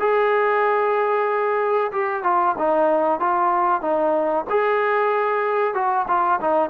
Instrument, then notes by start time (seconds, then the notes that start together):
trombone
0.00 G#4
1.92 G4
2.24 F4
2.59 D#4
3.20 F4
3.81 D#4
4.50 G#4
5.74 F#4
6.08 F4
6.41 D#4